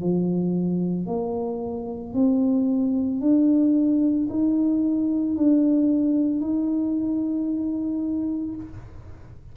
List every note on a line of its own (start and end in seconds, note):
0.00 1.06 F3
1.06 2.13 A#3
2.13 3.20 C4
3.20 4.28 D4
4.30 5.36 D#4
5.36 6.40 D4
6.40 8.55 D#4